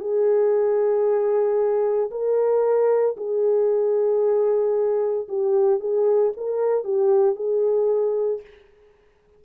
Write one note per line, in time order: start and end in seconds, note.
0.00 2.11 G#4
2.11 3.16 A#4
3.17 5.28 G#4
5.29 5.80 G4
5.80 6.33 G#4
6.37 6.84 A#4
6.84 7.36 G4
7.36 8.41 G#4